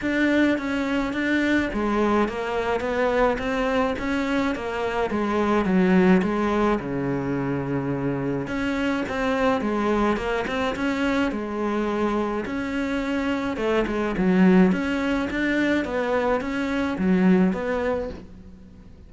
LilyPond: \new Staff \with { instrumentName = "cello" } { \time 4/4 \tempo 4 = 106 d'4 cis'4 d'4 gis4 | ais4 b4 c'4 cis'4 | ais4 gis4 fis4 gis4 | cis2. cis'4 |
c'4 gis4 ais8 c'8 cis'4 | gis2 cis'2 | a8 gis8 fis4 cis'4 d'4 | b4 cis'4 fis4 b4 | }